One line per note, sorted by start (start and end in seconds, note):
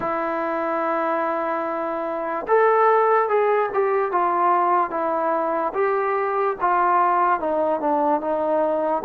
0.00 2.46 E4
2.47 3.28 A4
3.28 3.69 G#4
3.73 4.11 G4
4.11 4.90 F4
4.90 5.72 E4
5.73 6.56 G4
6.61 7.40 F4
7.40 7.80 D#4
7.80 8.20 D4
8.20 9.02 D#4